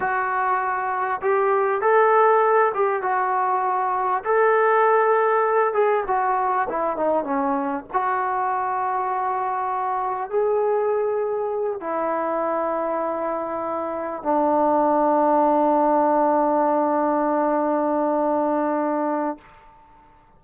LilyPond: \new Staff \with { instrumentName = "trombone" } { \time 4/4 \tempo 4 = 99 fis'2 g'4 a'4~ | a'8 g'8 fis'2 a'4~ | a'4. gis'8 fis'4 e'8 dis'8 | cis'4 fis'2.~ |
fis'4 gis'2~ gis'8 e'8~ | e'2.~ e'8 d'8~ | d'1~ | d'1 | }